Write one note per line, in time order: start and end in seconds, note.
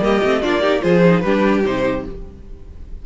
0.00 0.21 G3
0.00 0.20 A#3
0.00 0.42 G4
0.00 0.42 D#5
0.24 0.44 A3
0.24 0.42 C4
0.42 0.84 A#3
0.42 0.61 D4
0.42 0.61 F4
0.42 0.82 D5
0.61 0.81 D#4
0.61 0.81 G4
0.81 1.24 F3
0.81 1.01 F4
0.81 1.23 G#4
0.81 1.21 C5
1.04 1.24 D#4
1.21 1.64 G3
1.21 1.64 D4
1.21 2.05 G4
1.21 1.61 B4
1.64 2.06 C3
1.64 2.05 D#4
1.64 2.06 C5